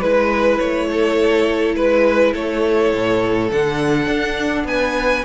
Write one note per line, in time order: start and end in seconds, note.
0.00 0.60 G#3
0.00 3.52 E4
0.00 0.87 B4
0.00 0.59 B4
0.59 1.76 A3
0.59 1.75 C#5
0.91 1.76 A4
1.76 2.34 G#3
1.76 2.34 B4
1.76 2.33 B4
2.33 2.93 A3
2.33 4.66 A4
2.33 3.52 C#5
2.94 3.52 A2
3.52 4.08 D3
3.52 5.25 D4
3.52 4.67 F#5
4.08 4.65 D4
4.65 5.23 B3
4.65 5.25 B4
4.65 5.25 G#5